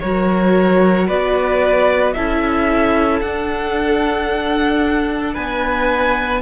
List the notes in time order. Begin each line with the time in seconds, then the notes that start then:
0.00 F#3 F#4 A#4 C#5
1.07 B3 B4 D5
2.12 C#4 E4 A4 E5
3.21 D4 F#5
5.34 B3 B4 G#5